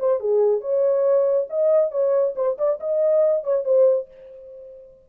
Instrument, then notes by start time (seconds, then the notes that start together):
horn
0.00 C5
0.20 G#4
0.61 C#5
1.50 D#5
1.91 C#5
2.36 C5
2.58 D5
2.80 D#5
3.44 C#5
3.65 C5